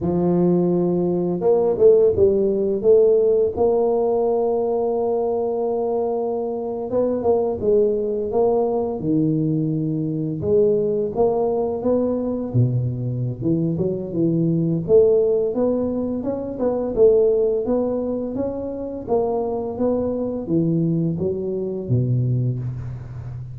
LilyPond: \new Staff \with { instrumentName = "tuba" } { \time 4/4 \tempo 4 = 85 f2 ais8 a8 g4 | a4 ais2.~ | ais4.~ ais16 b8 ais8 gis4 ais16~ | ais8. dis2 gis4 ais16~ |
ais8. b4 b,4~ b,16 e8 fis8 | e4 a4 b4 cis'8 b8 | a4 b4 cis'4 ais4 | b4 e4 fis4 b,4 | }